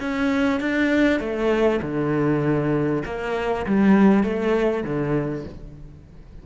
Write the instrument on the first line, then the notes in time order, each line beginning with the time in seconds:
cello
0.00 C#4
0.60 D4
1.20 A3
1.82 D3
3.05 A#3
3.66 G3
4.24 A3
4.84 D3